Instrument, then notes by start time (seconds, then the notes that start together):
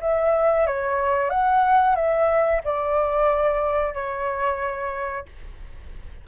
flute
0.00 E5
0.66 C#5
1.29 F#5
1.95 E5
2.64 D5
3.93 C#5